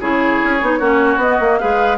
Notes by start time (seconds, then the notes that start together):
0.00 C#3 E4 G#4 C#5
0.44 C#4
0.61 B3 D#4
0.79 A#3 C#4 F#4
1.17 B3 D#5
1.40 A#3
1.59 G#3 G#4 B4 F5